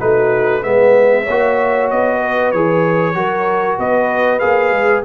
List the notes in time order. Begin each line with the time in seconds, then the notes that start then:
0.00 A3 D#4 F#4 B4
0.62 G#3 B3 B4 E5
1.24 A#3 C#5
1.31 F#4
1.91 B3 D#5
2.22 B4
2.52 E3 G#4 C#5
3.15 F#3 F#4 A#4
3.79 B3 B4 D#5
4.40 A#3 G#4 F5
4.72 G#3